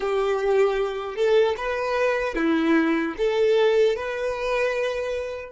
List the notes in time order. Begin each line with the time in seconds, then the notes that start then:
0.00 G4
1.16 A4
1.57 B4
2.35 E4
3.17 A4
3.96 B4